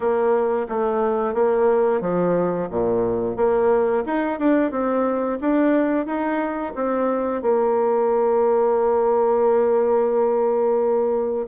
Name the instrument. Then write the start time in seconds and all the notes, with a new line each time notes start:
bassoon
0.00 A#3
0.68 A3
1.34 A#3
2.00 F3
2.70 A#2
3.36 A#3
4.05 D#4
4.39 D4
4.71 C4
5.41 D4
6.06 D#4
6.75 C4
7.42 A#3